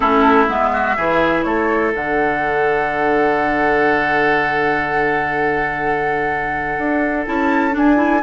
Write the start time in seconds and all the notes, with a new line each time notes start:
0.00 A3 C#4 E4 A4
0.47 G#3 B3 E5
0.72 F#4
0.96 E3 E4 G#4
1.43 A3 A4 C#5
1.94 D3 D4 F#5
6.78 D4
7.26 C#4 E4 A5
7.71 D4 G#5
7.96 E4